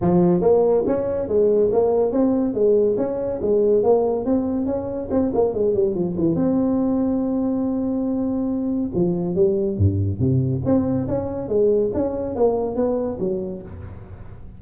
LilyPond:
\new Staff \with { instrumentName = "tuba" } { \time 4/4 \tempo 4 = 141 f4 ais4 cis'4 gis4 | ais4 c'4 gis4 cis'4 | gis4 ais4 c'4 cis'4 | c'8 ais8 gis8 g8 f8 e8 c'4~ |
c'1~ | c'4 f4 g4 g,4 | c4 c'4 cis'4 gis4 | cis'4 ais4 b4 fis4 | }